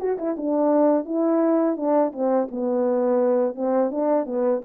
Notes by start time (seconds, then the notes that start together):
0.00 F#4
0.19 E4
0.37 D4
1.06 E4
1.77 D4
2.13 C4
2.51 B3
3.56 C4
3.91 D4
4.26 B3